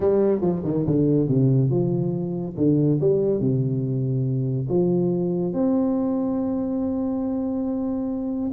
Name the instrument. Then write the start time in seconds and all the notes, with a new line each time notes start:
tuba
0.00 G3
0.41 F3
0.64 D#3
0.86 D3
1.28 C3
1.70 F3
2.56 D3
3.00 G3
3.40 C3
4.69 F3
5.53 C4